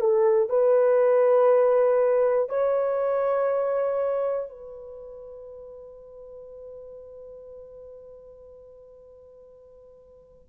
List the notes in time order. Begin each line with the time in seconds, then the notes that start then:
0.00 A4
0.49 B4
2.49 C#5
4.50 B4